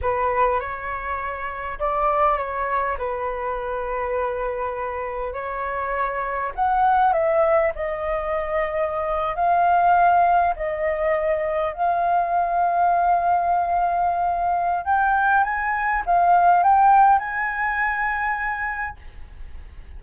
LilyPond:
\new Staff \with { instrumentName = "flute" } { \time 4/4 \tempo 4 = 101 b'4 cis''2 d''4 | cis''4 b'2.~ | b'4 cis''2 fis''4 | e''4 dis''2~ dis''8. f''16~ |
f''4.~ f''16 dis''2 f''16~ | f''1~ | f''4 g''4 gis''4 f''4 | g''4 gis''2. | }